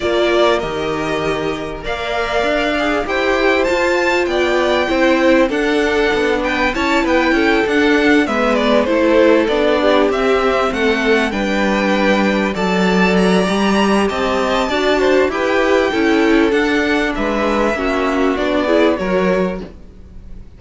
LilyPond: <<
  \new Staff \with { instrumentName = "violin" } { \time 4/4 \tempo 4 = 98 d''4 dis''2 f''4~ | f''4 g''4 a''4 g''4~ | g''4 fis''4. g''8 a''8 g''8~ | g''8 fis''4 e''8 d''8 c''4 d''8~ |
d''8 e''4 fis''4 g''4.~ | g''8 a''4 ais''4. a''4~ | a''4 g''2 fis''4 | e''2 d''4 cis''4 | }
  \new Staff \with { instrumentName = "violin" } { \time 4/4 ais'2. d''4~ | d''4 c''2 d''4 | c''4 a'4. b'8 cis''8 b'8 | a'4. b'4 a'4. |
g'4. a'4 b'4.~ | b'8 d''2~ d''8 dis''4 | d''8 c''8 b'4 a'2 | b'4 fis'4. gis'8 ais'4 | }
  \new Staff \with { instrumentName = "viola" } { \time 4/4 f'4 g'2 ais'4~ | ais'8 gis'8 g'4 f'2 | e'4 d'2 e'4~ | e'8 d'4 b4 e'4 d'8~ |
d'8 c'2 d'4.~ | d'8 a'4. g'2 | fis'4 g'4 e'4 d'4~ | d'4 cis'4 d'8 e'8 fis'4 | }
  \new Staff \with { instrumentName = "cello" } { \time 4/4 ais4 dis2 ais4 | d'4 e'4 f'4 b4 | c'4 d'4 b4 cis'8 b8 | cis'8 d'4 gis4 a4 b8~ |
b8 c'4 a4 g4.~ | g8 fis4. g4 c'4 | d'4 e'4 cis'4 d'4 | gis4 ais4 b4 fis4 | }
>>